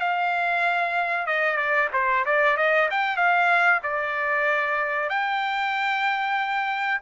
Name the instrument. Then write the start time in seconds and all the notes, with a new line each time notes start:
trumpet
0.00 F5
1.26 D#5
1.56 D5
1.93 C5
2.25 D5
2.57 D#5
2.90 G5
3.17 F5
3.83 D5
5.09 G5